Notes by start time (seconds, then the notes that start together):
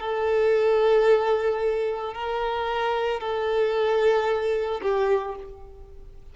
0.00 A4
2.14 A#4
3.20 A4
4.82 G4